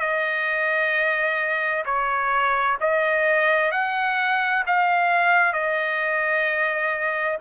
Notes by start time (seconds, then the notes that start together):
0.00 D#5
1.86 C#5
2.82 D#5
3.72 F#5
4.67 F5
5.53 D#5